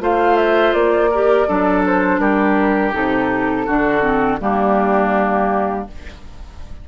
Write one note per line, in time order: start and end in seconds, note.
0.00 0.73 A3
0.00 1.10 F4
0.00 1.11 C5
0.00 0.36 F5
0.36 0.73 E5
0.73 1.47 A#3
0.73 1.83 D5
1.11 1.48 G4
1.11 1.47 A#4
1.47 2.18 F#3
1.47 2.93 D4
1.47 2.20 A4
1.86 2.19 C5
2.18 2.91 G3
2.18 3.66 G4
2.18 2.92 A#4
2.93 3.68 C3
2.93 3.66 D#4
2.93 4.39 A4
3.66 4.40 D3
3.66 4.02 D4
3.66 4.39 F#4
4.02 4.38 C4
4.40 5.87 G3
4.40 5.87 A#3
4.40 5.88 D4
4.40 5.87 G4